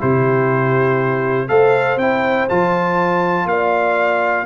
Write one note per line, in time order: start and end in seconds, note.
0.00 1.50 C3
0.00 1.48 E4
0.00 1.49 G4
0.00 1.48 C5
1.48 1.97 A3
1.48 1.98 A4
1.48 3.48 C5
1.48 1.98 F5
1.97 2.46 C4
1.97 2.49 E4
1.97 2.48 G5
2.49 3.46 F3
2.49 4.46 F4
2.49 3.48 A5
3.46 4.45 A#3
3.46 4.46 D5
3.46 4.46 F5